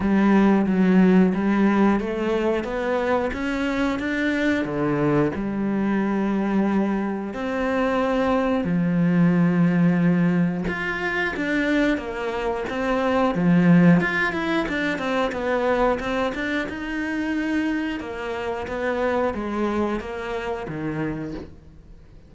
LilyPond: \new Staff \with { instrumentName = "cello" } { \time 4/4 \tempo 4 = 90 g4 fis4 g4 a4 | b4 cis'4 d'4 d4 | g2. c'4~ | c'4 f2. |
f'4 d'4 ais4 c'4 | f4 f'8 e'8 d'8 c'8 b4 | c'8 d'8 dis'2 ais4 | b4 gis4 ais4 dis4 | }